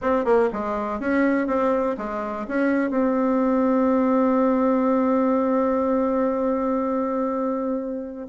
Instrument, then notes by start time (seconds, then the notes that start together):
bassoon
0.01 C4
0.24 A#3
0.52 G#3
1.00 C#4
1.47 C4
1.97 G#3
2.47 C#4
2.90 C4